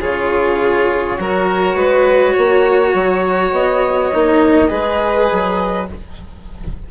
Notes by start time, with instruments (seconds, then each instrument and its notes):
0.00 bassoon C#3, cello F4, violin G#4, flute C#5
1.17 bassoon F#3, cello F#4, violin A#4
1.75 bassoon G#3, violin B4
2.33 bassoon A#3, violin C#5
2.94 bassoon F#3
3.51 bassoon B3, flute D#5
4.13 bassoon A#3, cello D#4
4.67 bassoon G#3, cello G#4, violin B4
5.31 bassoon F#3